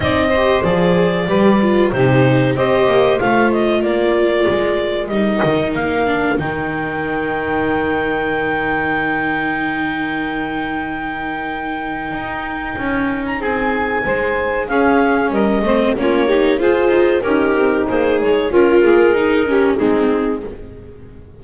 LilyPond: <<
  \new Staff \with { instrumentName = "clarinet" } { \time 4/4 \tempo 4 = 94 dis''4 d''2 c''4 | dis''4 f''8 dis''8 d''2 | dis''4 f''4 g''2~ | g''1~ |
g''1~ | g''8. ais''16 gis''2 f''4 | dis''4 cis''4 c''4 ais'4 | c''8 cis''8 ais'2 gis'4 | }
  \new Staff \with { instrumentName = "saxophone" } { \time 4/4 d''8 c''4. b'4 g'4 | c''2 ais'2~ | ais'1~ | ais'1~ |
ais'1~ | ais'4 gis'4 c''4 gis'4 | ais'8 c''8 f'8 g'8 gis'4 dis'4~ | dis'4 f'8 gis'4 g'8 dis'4 | }
  \new Staff \with { instrumentName = "viola" } { \time 4/4 dis'8 g'8 gis'4 g'8 f'8 dis'4 | g'4 f'2. | dis'4. d'8 dis'2~ | dis'1~ |
dis'1~ | dis'2. cis'4~ | cis'8 c'8 cis'8 dis'8 f'4 g'4 | gis'4 f'4 dis'8 cis'8 c'4 | }
  \new Staff \with { instrumentName = "double bass" } { \time 4/4 c'4 f4 g4 c4 | c'8 ais8 a4 ais4 gis4 | g8 dis8 ais4 dis2~ | dis1~ |
dis2. dis'4 | cis'4 c'4 gis4 cis'4 | g8 a8 ais4 f'8 dis'8 cis'8 c'8 | ais8 gis8 cis'8 ais8 dis'4 gis4 | }
>>